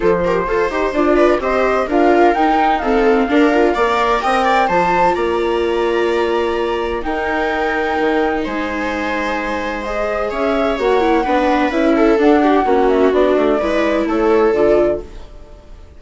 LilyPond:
<<
  \new Staff \with { instrumentName = "flute" } { \time 4/4 \tempo 4 = 128 c''2 d''4 dis''4 | f''4 g''4 f''2~ | f''4 g''4 a''4 ais''4~ | ais''2. g''4~ |
g''2 gis''2~ | gis''4 dis''4 e''4 fis''4~ | fis''4 e''4 fis''4. e''8 | d''2 cis''4 d''4 | }
  \new Staff \with { instrumentName = "viola" } { \time 4/4 a'8 ais'8 c''4. b'8 c''4 | ais'2 a'4 ais'4 | d''4 dis''8 d''8 c''4 d''4~ | d''2. ais'4~ |
ais'2 c''2~ | c''2 cis''2 | b'4. a'4 g'8 fis'4~ | fis'4 b'4 a'2 | }
  \new Staff \with { instrumentName = "viola" } { \time 4/4 f'8 g'8 a'8 g'8 f'4 g'4 | f'4 dis'4 c'4 d'8 f'8 | ais'2 f'2~ | f'2. dis'4~ |
dis'1~ | dis'4 gis'2 fis'8 e'8 | d'4 e'4 d'4 cis'4 | d'4 e'2 f'4 | }
  \new Staff \with { instrumentName = "bassoon" } { \time 4/4 f4 f'8 dis'8 d'4 c'4 | d'4 dis'2 d'4 | ais4 c'4 f4 ais4~ | ais2. dis'4~ |
dis'4 dis4 gis2~ | gis2 cis'4 ais4 | b4 cis'4 d'4 ais4 | b8 a8 gis4 a4 d4 | }
>>